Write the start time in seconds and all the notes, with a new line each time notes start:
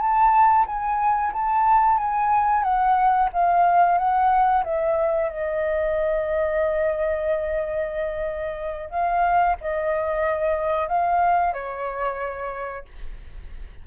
0.00 A5
0.67 G#5
1.33 A5
1.98 G#5
2.63 F#5
3.33 F5
3.98 F#5
4.64 E5
5.30 D#5
8.90 F5
9.61 D#5
10.89 F5
11.54 C#5